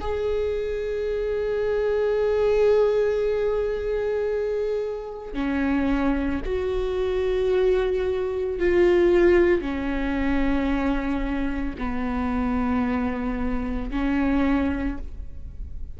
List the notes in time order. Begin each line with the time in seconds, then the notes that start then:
0.00 G#4
5.33 C#4
6.45 F#4
8.59 F4
9.61 C#4
11.78 B3
13.90 C#4